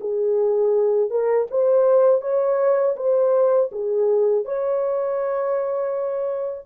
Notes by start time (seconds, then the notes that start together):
0.00 G#4
1.10 A#4
1.50 C5
2.21 C#5
2.96 C5
3.71 G#4
4.45 C#5